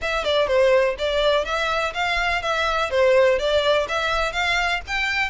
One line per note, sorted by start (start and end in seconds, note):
0.01 0.24 E5
0.24 0.47 D5
0.47 0.95 C5
0.98 1.44 D5
1.44 1.93 E5
1.94 2.42 F5
2.42 2.90 E5
2.90 3.38 C5
3.38 3.87 D5
3.88 4.32 E5
4.32 4.81 F5
4.87 5.30 G5